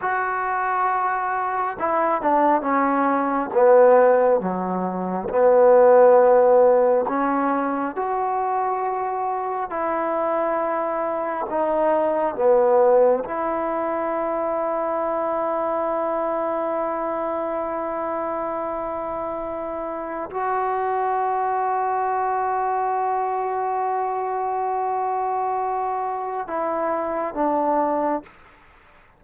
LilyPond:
\new Staff \with { instrumentName = "trombone" } { \time 4/4 \tempo 4 = 68 fis'2 e'8 d'8 cis'4 | b4 fis4 b2 | cis'4 fis'2 e'4~ | e'4 dis'4 b4 e'4~ |
e'1~ | e'2. fis'4~ | fis'1~ | fis'2 e'4 d'4 | }